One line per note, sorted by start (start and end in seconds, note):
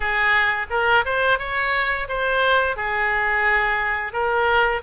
0.00 0.66 G#4
0.70 1.04 A#4
1.05 1.38 C5
1.38 2.07 C#5
2.08 2.76 C5
2.76 4.12 G#4
4.12 4.81 A#4